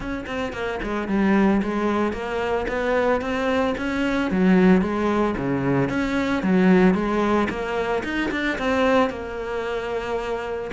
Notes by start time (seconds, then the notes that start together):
0.00 C#4
0.26 C4
0.52 A#3
0.83 G#3
1.08 G3
1.62 G#3
2.13 A#3
2.67 B3
3.21 C4
3.77 C#4
4.30 F#3
4.81 G#3
5.37 C#3
5.89 C#4
6.43 F#3
6.94 G#3
7.49 A#3
8.03 D#4
8.31 D4
8.58 C4
9.10 A#3